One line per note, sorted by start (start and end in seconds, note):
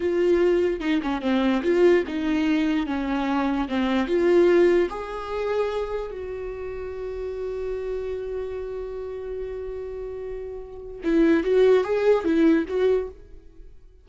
0.00 0.80 F4
0.80 1.01 D#4
1.02 1.21 C#4
1.21 1.62 C4
1.63 2.04 F4
2.07 2.86 D#4
2.86 3.68 C#4
3.68 4.07 C4
4.07 4.88 F4
4.89 6.11 G#4
6.11 11.00 F#4
11.03 11.43 E4
11.43 11.84 F#4
11.84 12.24 G#4
12.24 12.65 E4
12.68 13.08 F#4